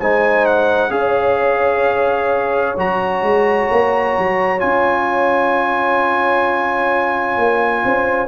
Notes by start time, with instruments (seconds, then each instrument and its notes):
0.00 tuba G#3, trombone D#4, horn C5, trumpet G#5
0.46 trumpet F#5
0.90 tuba C#4, trombone G#4, horn C#5, trumpet F5
2.77 tuba F#3, trombone F#4, trumpet A#5
3.22 tuba G#3
3.71 tuba A#3
4.19 tuba F#3
4.60 tuba C#4, trombone F4, trumpet G#5
7.38 tuba A#3
7.85 tuba C#4, horn C5